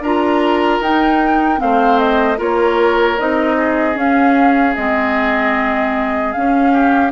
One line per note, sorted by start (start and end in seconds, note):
0.00 0.79 D4
0.00 0.83 F4
0.00 1.59 A#4
0.00 0.82 A#5
0.80 1.59 D#4
0.80 1.57 D#4
0.80 1.60 G5
1.57 2.39 A3
1.57 2.36 C4
1.57 2.37 C5
1.57 1.98 F5
1.98 2.38 D#5
2.37 3.18 A#3
2.37 3.16 F4
2.37 3.56 A#4
2.37 3.18 C#5
3.18 3.95 C4
3.18 3.94 D#4
3.18 3.97 D#5
3.57 6.72 G#4
3.94 4.73 C#4
3.94 4.74 C#4
3.94 4.75 F5
4.75 6.35 G#3
4.75 6.35 C4
4.75 6.32 D#5
6.32 7.12 C#4
6.32 7.11 F5
6.72 7.12 G4